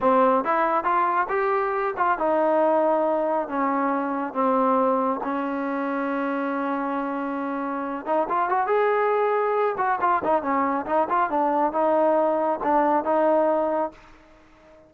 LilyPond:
\new Staff \with { instrumentName = "trombone" } { \time 4/4 \tempo 4 = 138 c'4 e'4 f'4 g'4~ | g'8 f'8 dis'2. | cis'2 c'2 | cis'1~ |
cis'2~ cis'8 dis'8 f'8 fis'8 | gis'2~ gis'8 fis'8 f'8 dis'8 | cis'4 dis'8 f'8 d'4 dis'4~ | dis'4 d'4 dis'2 | }